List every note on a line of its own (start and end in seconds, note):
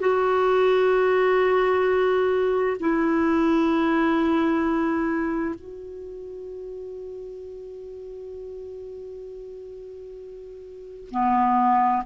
0.00 2.77 F#4
2.80 5.55 E4
5.55 11.09 F#4
11.11 12.03 B3